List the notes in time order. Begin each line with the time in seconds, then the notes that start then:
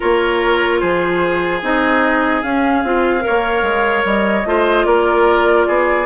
0.00 A#3 F4 A#4 C#5
0.79 F3 G#4 C5
1.61 C4 D#4 D#5
2.42 C#4 F5
2.83 C4 F4
3.20 A#4
3.26 A#3 C#5
3.62 G#3
4.05 G3 D#5
4.45 A3 F4 C5
4.85 A#3 A#4 D5
5.67 B3 G#4